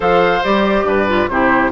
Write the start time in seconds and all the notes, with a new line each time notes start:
0.00 F3 A4 C5 F5
0.43 G3 G4 D5
0.83 G2 B4
1.07 F4
1.28 C3 E4 G4 C5